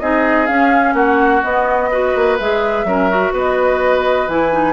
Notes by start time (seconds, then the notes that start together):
0.00 C4 D#4 G#4 D#5
0.47 C#4 F5
0.94 A#3 F#4 F#5
1.43 B3 D#5
1.91 F#4 B4
2.16 A#3
2.39 G#3 G#4 E5
2.85 F#3 C#4 A#4
3.10 F#4
3.33 B3 B4 D#5
4.28 E3 E4 G#5
4.53 D#4